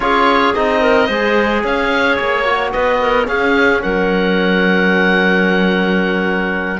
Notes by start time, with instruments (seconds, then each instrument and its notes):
0.00 cello C#4, trombone F4, clarinet G#4, oboe C#5
0.53 cello C4, trombone D#4, oboe D#5
0.80 clarinet A#4
1.06 cello G#3, trombone G#4, clarinet C5
1.64 cello C#4, clarinet C#5, oboe F5
2.15 cello A#3, oboe C#5
2.44 trombone F#4
2.72 cello B3, clarinet B4, oboe D#5
3.00 clarinet A#4
3.24 trombone C#4, cello C#4, clarinet G#4, oboe F5
3.82 cello F#3, clarinet A#4, oboe F#5